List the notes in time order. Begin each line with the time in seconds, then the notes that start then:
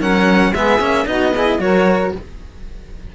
0.00 F#3 C#4 A#4 F#5
0.53 G#3 B3 G#4 E5
0.80 A#3 C#4
1.06 B3 D#4 F#4 D#5
1.34 E4 G#4
1.59 F#3 F#4 A#4 C#5